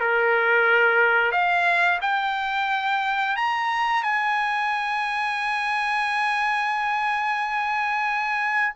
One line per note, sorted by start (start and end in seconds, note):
0.00 1.32 A#4
1.32 1.99 F5
2.01 3.36 G5
3.36 4.03 A#5
4.03 8.75 G#5